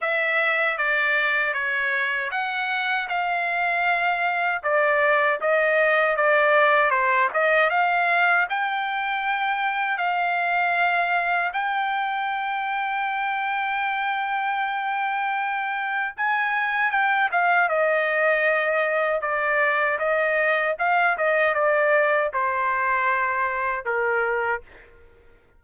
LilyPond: \new Staff \with { instrumentName = "trumpet" } { \time 4/4 \tempo 4 = 78 e''4 d''4 cis''4 fis''4 | f''2 d''4 dis''4 | d''4 c''8 dis''8 f''4 g''4~ | g''4 f''2 g''4~ |
g''1~ | g''4 gis''4 g''8 f''8 dis''4~ | dis''4 d''4 dis''4 f''8 dis''8 | d''4 c''2 ais'4 | }